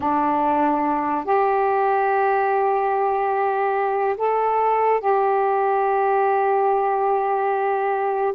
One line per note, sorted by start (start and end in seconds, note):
0.00 1.24 D4
1.24 4.16 G4
4.17 5.00 A4
5.00 8.33 G4